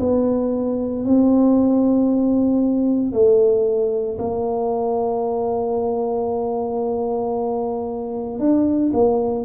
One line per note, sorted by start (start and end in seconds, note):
0.00 1.05 B3
1.05 3.13 C4
3.13 4.18 A3
4.19 8.40 A#3
8.40 8.92 D4
8.93 9.45 A#3